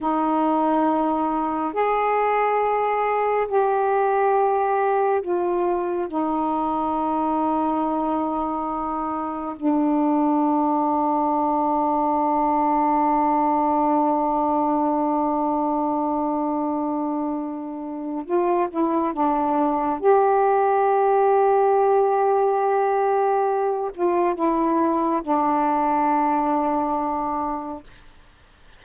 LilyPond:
\new Staff \with { instrumentName = "saxophone" } { \time 4/4 \tempo 4 = 69 dis'2 gis'2 | g'2 f'4 dis'4~ | dis'2. d'4~ | d'1~ |
d'1~ | d'4 f'8 e'8 d'4 g'4~ | g'2.~ g'8 f'8 | e'4 d'2. | }